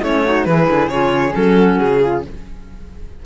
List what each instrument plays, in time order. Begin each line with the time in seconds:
0.00 cello A3, clarinet C#4, flute E4, violin C#5
0.24 clarinet D#4, flute F#4
0.44 cello E3, clarinet E4, flute G#4, violin B4
0.69 cello D3
0.88 cello C#3, clarinet F4, violin C#5
1.31 cello F#3, clarinet C#4, violin A4
1.56 flute F#4
1.79 cello C#3, violin G#4
2.02 flute F4